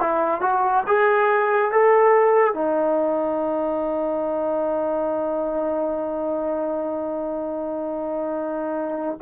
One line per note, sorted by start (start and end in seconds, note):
0.00 0.41 E4
0.41 0.84 F#4
0.87 1.71 G#4
1.71 2.54 A4
2.54 9.18 D#4